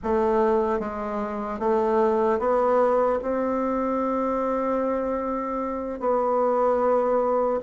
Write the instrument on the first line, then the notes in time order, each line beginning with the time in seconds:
bassoon
0.03 A3
0.79 G#3
1.59 A3
2.39 B3
3.22 C4
6.00 B3